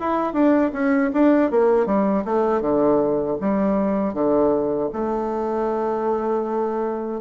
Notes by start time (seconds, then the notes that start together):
0.00 E4
0.34 D4
0.73 C#4
1.14 D4
1.51 A#3
1.86 G3
2.25 A3
2.61 D3
3.41 G3
4.14 D3
4.93 A3